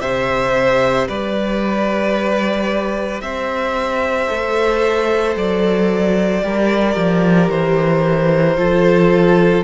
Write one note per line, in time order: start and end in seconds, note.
0.00 1.08 C3
0.00 4.27 G4
0.00 1.07 C5
0.00 1.07 E5
1.07 3.21 G3
1.07 3.22 B4
1.07 3.20 D5
3.20 4.28 C4
3.20 6.44 C5
3.20 5.34 E5
4.27 5.35 A3
4.27 6.42 A4
5.35 6.43 F#3
5.35 7.49 D5
6.42 6.95 G3
6.42 8.57 G4
6.42 8.57 A#4
6.95 7.49 F3
7.49 8.56 E3
7.49 9.64 C5
8.56 9.64 F3
8.56 9.64 F4
8.56 9.64 A4